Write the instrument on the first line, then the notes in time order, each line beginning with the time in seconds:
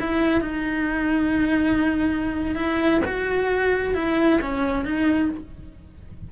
cello
0.00 E4
0.41 D#4
2.55 E4
3.05 F#4
3.95 E4
4.41 C#4
4.85 D#4